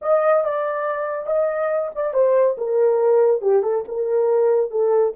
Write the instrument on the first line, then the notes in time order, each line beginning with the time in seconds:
horn
0.01 D#5
0.44 D5
1.26 D#5
1.95 D5
2.13 C5
2.57 A#4
3.41 G4
3.63 A4
3.87 A#4
4.70 A4